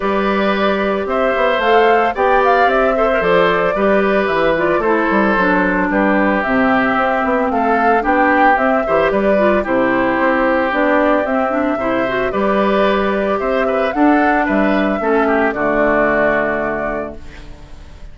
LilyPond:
<<
  \new Staff \with { instrumentName = "flute" } { \time 4/4 \tempo 4 = 112 d''2 e''4 f''4 | g''8 f''8 e''4 d''2 | e''8 d''8 c''2 b'4 | e''2 f''4 g''4 |
e''4 d''4 c''2 | d''4 e''2 d''4~ | d''4 e''4 fis''4 e''4~ | e''4 d''2. | }
  \new Staff \with { instrumentName = "oboe" } { \time 4/4 b'2 c''2 | d''4. c''4. b'4~ | b'4 a'2 g'4~ | g'2 a'4 g'4~ |
g'8 c''8 b'4 g'2~ | g'2 c''4 b'4~ | b'4 c''8 b'8 a'4 b'4 | a'8 g'8 fis'2. | }
  \new Staff \with { instrumentName = "clarinet" } { \time 4/4 g'2. a'4 | g'4. a'16 ais'16 a'4 g'4~ | g'8 f'8 e'4 d'2 | c'2. d'4 |
c'8 g'4 f'8 e'2 | d'4 c'8 d'8 e'8 fis'8 g'4~ | g'2 d'2 | cis'4 a2. | }
  \new Staff \with { instrumentName = "bassoon" } { \time 4/4 g2 c'8 b8 a4 | b4 c'4 f4 g4 | e4 a8 g8 fis4 g4 | c4 c'8 b8 a4 b4 |
c'8 e8 g4 c4 c'4 | b4 c'4 c4 g4~ | g4 c'4 d'4 g4 | a4 d2. | }
>>